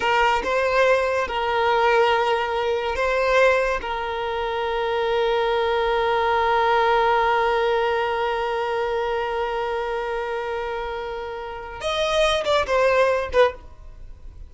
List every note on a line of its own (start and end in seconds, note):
0.00 0.42 A#4
0.43 1.27 C5
1.27 2.95 A#4
2.95 3.80 C5
3.81 11.80 A#4
11.80 12.44 D#5
12.45 12.66 D5
12.66 13.29 C5
13.32 13.53 B4